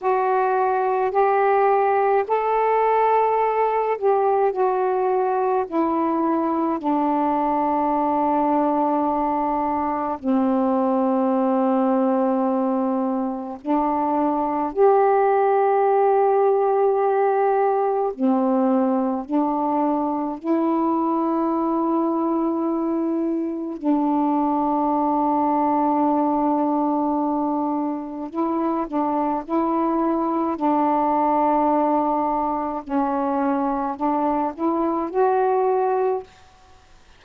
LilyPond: \new Staff \with { instrumentName = "saxophone" } { \time 4/4 \tempo 4 = 53 fis'4 g'4 a'4. g'8 | fis'4 e'4 d'2~ | d'4 c'2. | d'4 g'2. |
c'4 d'4 e'2~ | e'4 d'2.~ | d'4 e'8 d'8 e'4 d'4~ | d'4 cis'4 d'8 e'8 fis'4 | }